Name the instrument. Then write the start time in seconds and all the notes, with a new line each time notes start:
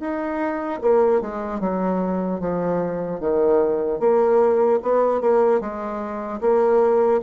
bassoon
0.00 D#4
0.81 A#3
1.21 G#3
1.60 F#3
2.40 F3
3.20 D#3
3.99 A#3
4.83 B3
5.21 A#3
5.60 G#3
6.41 A#3